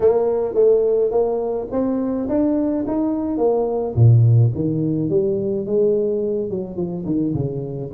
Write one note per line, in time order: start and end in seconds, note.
0.00 0.54 A#3
0.54 1.11 A3
1.11 1.67 A#3
1.71 2.28 C4
2.28 2.85 D4
2.87 3.37 D#4
3.37 3.94 A#3
3.95 4.51 A#2
4.55 5.09 D#3
5.09 5.66 G3
5.66 6.49 G#3
6.49 6.76 F#3
6.76 7.04 F3
7.05 7.34 D#3
7.34 7.90 C#3